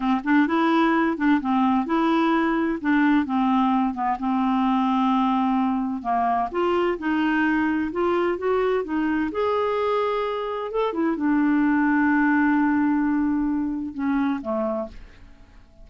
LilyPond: \new Staff \with { instrumentName = "clarinet" } { \time 4/4 \tempo 4 = 129 c'8 d'8 e'4. d'8 c'4 | e'2 d'4 c'4~ | c'8 b8 c'2.~ | c'4 ais4 f'4 dis'4~ |
dis'4 f'4 fis'4 dis'4 | gis'2. a'8 e'8 | d'1~ | d'2 cis'4 a4 | }